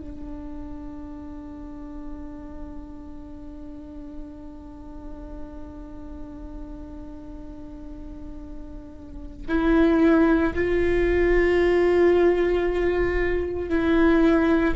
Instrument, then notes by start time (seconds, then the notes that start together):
viola
0.00 D4
9.48 E4
10.55 F4
13.69 E4